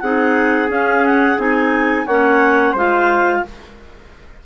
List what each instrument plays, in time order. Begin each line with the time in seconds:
0.00 bassoon C4, clarinet D#4 F#5, trumpet G#4
0.68 clarinet C#4 F5, bassoon C#4
1.05 clarinet F#5
1.37 bassoon C4, clarinet D#4 G#5
2.07 bassoon A#3, clarinet C#4 F#5, trumpet C#5
2.73 bassoon G#3, clarinet F4 F5, trumpet C5